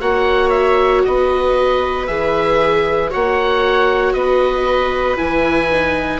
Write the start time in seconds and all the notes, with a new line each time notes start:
0.00 A#3 F#4 C#5 F#5
0.49 E5
1.05 B3 B4 D#5
2.06 E3 G#4 E5
3.10 A#3 F#4 C#5 F#5
4.13 B3 B4 D#5
5.17 E3 E4 G#5
5.72 D#4